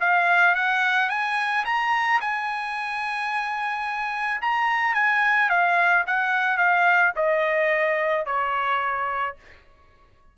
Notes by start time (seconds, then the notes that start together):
0.00 F5
0.55 F#5
1.09 G#5
1.65 A#5
2.20 G#5
4.41 A#5
4.94 G#5
5.49 F5
6.06 F#5
6.57 F5
7.16 D#5
8.25 C#5